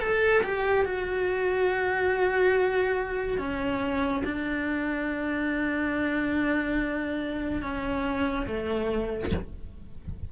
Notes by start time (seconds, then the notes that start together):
0.00 A4
0.43 G4
0.86 F#4
3.38 C#4
4.24 D4
7.62 C#4
8.47 A3